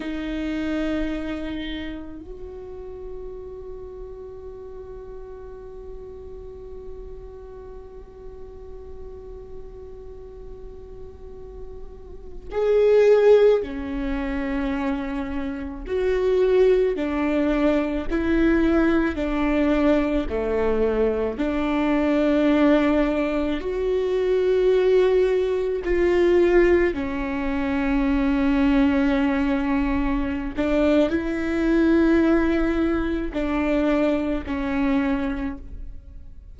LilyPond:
\new Staff \with { instrumentName = "viola" } { \time 4/4 \tempo 4 = 54 dis'2 fis'2~ | fis'1~ | fis'2.~ fis'16 gis'8.~ | gis'16 cis'2 fis'4 d'8.~ |
d'16 e'4 d'4 a4 d'8.~ | d'4~ d'16 fis'2 f'8.~ | f'16 cis'2.~ cis'16 d'8 | e'2 d'4 cis'4 | }